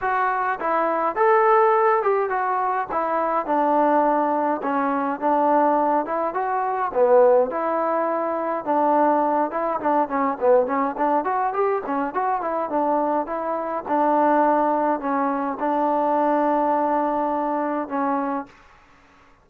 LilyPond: \new Staff \with { instrumentName = "trombone" } { \time 4/4 \tempo 4 = 104 fis'4 e'4 a'4. g'8 | fis'4 e'4 d'2 | cis'4 d'4. e'8 fis'4 | b4 e'2 d'4~ |
d'8 e'8 d'8 cis'8 b8 cis'8 d'8 fis'8 | g'8 cis'8 fis'8 e'8 d'4 e'4 | d'2 cis'4 d'4~ | d'2. cis'4 | }